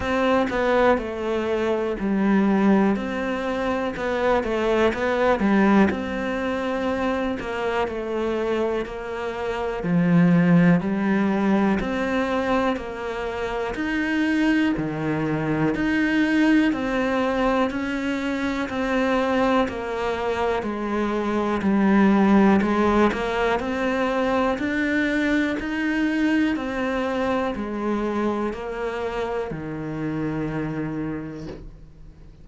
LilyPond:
\new Staff \with { instrumentName = "cello" } { \time 4/4 \tempo 4 = 61 c'8 b8 a4 g4 c'4 | b8 a8 b8 g8 c'4. ais8 | a4 ais4 f4 g4 | c'4 ais4 dis'4 dis4 |
dis'4 c'4 cis'4 c'4 | ais4 gis4 g4 gis8 ais8 | c'4 d'4 dis'4 c'4 | gis4 ais4 dis2 | }